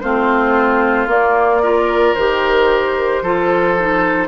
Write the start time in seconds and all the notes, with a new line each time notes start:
0.00 A3 C4 F4 C5
1.07 A#3 D5
1.62 F4 A#4
2.14 D#3 G4 C5
3.22 F3 F4 A4
3.79 D#4